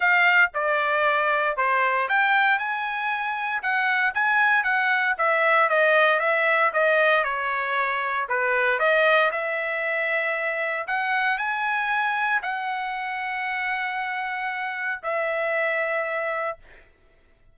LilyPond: \new Staff \with { instrumentName = "trumpet" } { \time 4/4 \tempo 4 = 116 f''4 d''2 c''4 | g''4 gis''2 fis''4 | gis''4 fis''4 e''4 dis''4 | e''4 dis''4 cis''2 |
b'4 dis''4 e''2~ | e''4 fis''4 gis''2 | fis''1~ | fis''4 e''2. | }